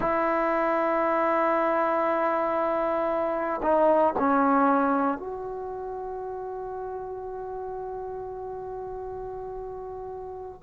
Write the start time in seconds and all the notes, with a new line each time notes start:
0.00 E4
3.62 D#4
4.18 C#4
5.18 F#4